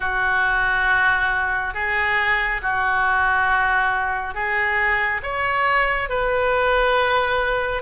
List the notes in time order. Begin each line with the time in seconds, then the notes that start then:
0.00 F#4
1.74 G#4
2.62 F#4
4.34 G#4
5.22 C#5
6.09 B4